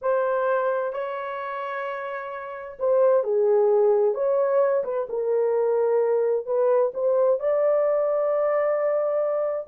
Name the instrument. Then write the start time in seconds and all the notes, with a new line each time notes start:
horn
0.01 C5
0.93 C#5
2.79 C5
3.23 G#4
4.14 C#5
4.84 B4
5.09 A#4
6.46 B4
6.93 C5
7.39 D5